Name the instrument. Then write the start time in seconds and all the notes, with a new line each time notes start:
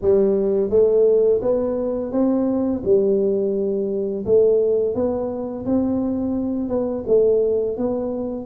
tuba
0.01 G3
0.69 A3
1.41 B3
2.11 C4
2.84 G3
4.25 A3
4.94 B3
5.65 C4
6.68 B3
7.07 A3
7.77 B3